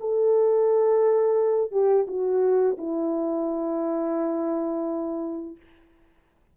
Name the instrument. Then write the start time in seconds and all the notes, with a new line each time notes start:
horn
0.00 A4
1.72 G4
2.07 F#4
2.77 E4